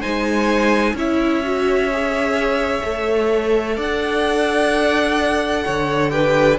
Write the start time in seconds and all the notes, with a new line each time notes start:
0.00 G#3 D#4 C5 G#5
0.94 C#4 E4 C#5 E5
1.43 F#4
1.92 G#4
2.83 A3 A4
3.76 D4 D5 F#5
5.65 D3 C#5
6.10 G4 B4 G5